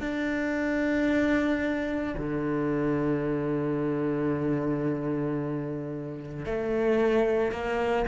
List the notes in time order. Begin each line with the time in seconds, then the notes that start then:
0.00 D4
2.17 D3
6.45 A3
7.51 A#3